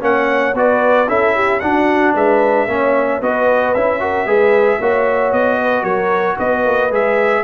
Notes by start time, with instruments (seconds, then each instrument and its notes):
0.00 tuba A#3, trombone C#4, horn C#5, trumpet F#5
0.54 tuba B3, trombone F#4, horn B4, trumpet D5
1.07 tuba C#4, trombone E4, horn A4, trumpet E5
1.35 horn G4
1.59 tuba D4, trombone D4, horn F#4, trumpet F#5
2.14 tuba G#3, horn B4, trumpet E5
2.67 tuba A#3, trombone C#4, horn C#5
3.21 tuba B3, trombone F#4, horn B4, trumpet D#5
3.74 tuba C#4, trombone E4, trumpet E5
4.00 trombone F#4, horn A#4
4.25 tuba G#3, trombone G#4, horn B4
4.79 tuba A#3, trombone F#4, horn C#5
5.32 tuba B3, trumpet D#5
5.61 horn B4
5.83 tuba F#3, horn A#4, trumpet C#5
6.37 tuba B3, horn B4, trumpet D#5
6.65 tuba A#3
6.90 tuba G#3, trombone G#4, trumpet E5